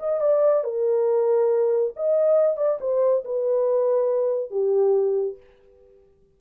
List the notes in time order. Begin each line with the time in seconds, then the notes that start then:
0.00 D#5
0.21 D5
0.64 A#4
1.97 D#5
2.57 D5
2.81 C5
3.25 B4
4.51 G4